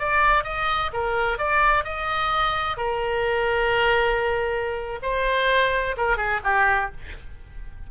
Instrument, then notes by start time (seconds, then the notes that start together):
oboe
0.00 D5
0.45 D#5
0.93 A#4
1.39 D5
1.85 D#5
2.77 A#4
5.03 C5
5.97 A#4
6.17 G#4
6.45 G4